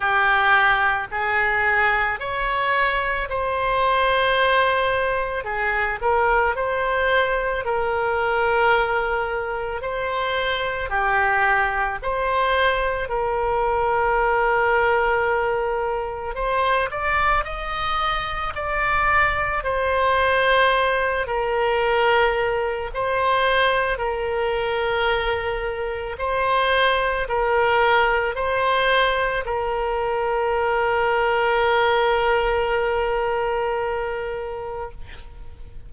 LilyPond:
\new Staff \with { instrumentName = "oboe" } { \time 4/4 \tempo 4 = 55 g'4 gis'4 cis''4 c''4~ | c''4 gis'8 ais'8 c''4 ais'4~ | ais'4 c''4 g'4 c''4 | ais'2. c''8 d''8 |
dis''4 d''4 c''4. ais'8~ | ais'4 c''4 ais'2 | c''4 ais'4 c''4 ais'4~ | ais'1 | }